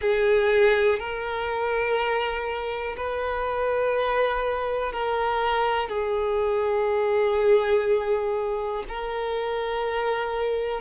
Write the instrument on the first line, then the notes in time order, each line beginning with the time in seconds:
violin
0.01 G#4
0.99 A#4
2.96 B4
4.92 A#4
5.88 G#4
8.88 A#4